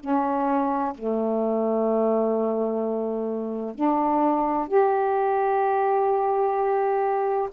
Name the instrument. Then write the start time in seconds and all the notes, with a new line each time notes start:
saxophone
0.00 C#4
0.95 A3
3.75 D4
4.67 G4